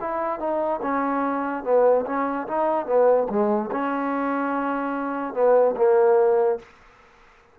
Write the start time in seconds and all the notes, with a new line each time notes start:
0.00 E4
0.39 D#4
0.82 C#4
1.64 B3
2.06 C#4
2.47 D#4
2.86 B3
3.29 G#3
3.71 C#4
5.34 B3
5.77 A#3